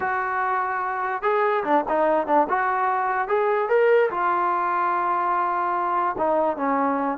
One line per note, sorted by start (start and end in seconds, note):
0.00 1.22 F#4
1.22 1.63 G#4
1.64 1.84 D4
1.88 2.26 D#4
2.26 2.47 D4
2.49 3.27 F#4
3.27 3.69 G#4
3.69 4.10 A#4
4.10 6.16 F4
6.18 6.57 D#4
6.57 7.18 C#4